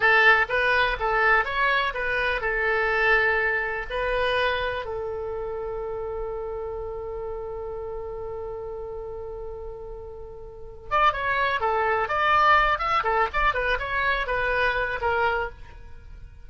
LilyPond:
\new Staff \with { instrumentName = "oboe" } { \time 4/4 \tempo 4 = 124 a'4 b'4 a'4 cis''4 | b'4 a'2. | b'2 a'2~ | a'1~ |
a'1~ | a'2~ a'8 d''8 cis''4 | a'4 d''4. e''8 a'8 d''8 | b'8 cis''4 b'4. ais'4 | }